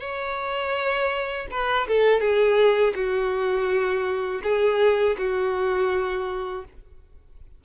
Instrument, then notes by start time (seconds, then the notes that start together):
violin
0.00 C#5
1.50 B4
1.87 A4
2.20 G#4
2.95 F#4
4.43 G#4
5.18 F#4